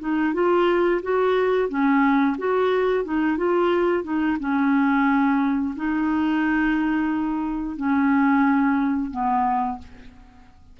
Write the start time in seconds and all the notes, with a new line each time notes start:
0.00 D#4
0.34 F4
1.02 F#4
1.69 C#4
2.38 F#4
3.04 D#4
3.37 F4
4.04 D#4
4.40 C#4
5.76 D#4
7.77 C#4
9.11 B3